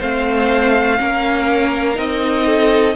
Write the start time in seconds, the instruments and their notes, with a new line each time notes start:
0.00 cello A3, viola C4, violin C5 F5
0.99 cello A#3, viola C#4, violin A#4
1.95 cello C4, viola D#4, violin D#5
2.46 violin A4